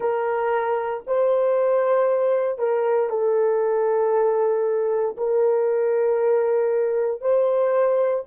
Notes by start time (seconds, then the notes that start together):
0.00 A#4
1.06 C5
2.58 A#4
3.09 A4
5.17 A#4
7.21 C5